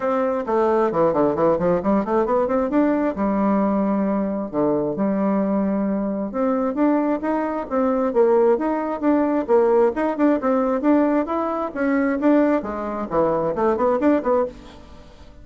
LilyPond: \new Staff \with { instrumentName = "bassoon" } { \time 4/4 \tempo 4 = 133 c'4 a4 e8 d8 e8 f8 | g8 a8 b8 c'8 d'4 g4~ | g2 d4 g4~ | g2 c'4 d'4 |
dis'4 c'4 ais4 dis'4 | d'4 ais4 dis'8 d'8 c'4 | d'4 e'4 cis'4 d'4 | gis4 e4 a8 b8 d'8 b8 | }